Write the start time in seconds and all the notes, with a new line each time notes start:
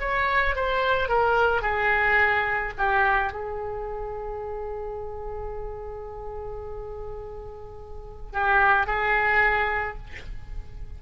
0.00 C#5
0.55 C5
1.09 A#4
1.62 G#4
2.78 G4
3.32 G#4
8.32 G4
8.86 G#4